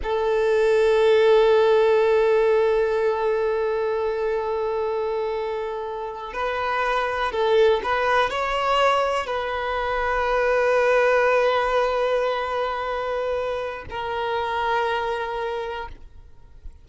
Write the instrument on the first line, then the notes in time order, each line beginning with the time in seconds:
violin
0.03 A4
6.33 B4
7.31 A4
7.83 B4
8.29 C#5
9.26 B4
13.90 A#4